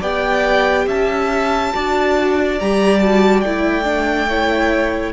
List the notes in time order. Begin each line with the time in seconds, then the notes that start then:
0.00 B3 G4 D5 G5
0.87 C#4 E5 A5
1.73 D4 F#4 D5
2.59 G3 G4 A#5
2.99 F#4 A5
3.41 A3 E4 G5
3.84 D4
4.29 E4 C#5